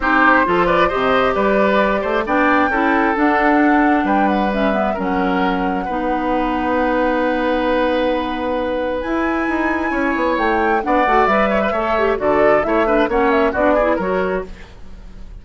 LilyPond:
<<
  \new Staff \with { instrumentName = "flute" } { \time 4/4 \tempo 4 = 133 c''4. d''8 dis''4 d''4~ | d''4 g''2 fis''4~ | fis''4 g''8 fis''8 e''4 fis''4~ | fis''1~ |
fis''1 | gis''2. g''4 | fis''4 e''2 d''4 | e''4 fis''8 e''8 d''4 cis''4 | }
  \new Staff \with { instrumentName = "oboe" } { \time 4/4 g'4 a'8 b'8 c''4 b'4~ | b'8 c''8 d''4 a'2~ | a'4 b'2 ais'4~ | ais'4 b'2.~ |
b'1~ | b'2 cis''2 | d''4. cis''16 b'16 cis''4 a'4 | cis''8 b'8 cis''4 fis'8 gis'8 ais'4 | }
  \new Staff \with { instrumentName = "clarinet" } { \time 4/4 dis'4 f'4 g'2~ | g'4 d'4 e'4 d'4~ | d'2 cis'8 b8 cis'4~ | cis'4 dis'2.~ |
dis'1 | e'1 | d'8 fis'8 b'4 a'8 g'8 fis'4 | e'8 d'8 cis'4 d'8 e'8 fis'4 | }
  \new Staff \with { instrumentName = "bassoon" } { \time 4/4 c'4 f4 c4 g4~ | g8 a8 b4 cis'4 d'4~ | d'4 g2 fis4~ | fis4 b2.~ |
b1 | e'4 dis'4 cis'8 b8 a4 | b8 a8 g4 a4 d4 | a4 ais4 b4 fis4 | }
>>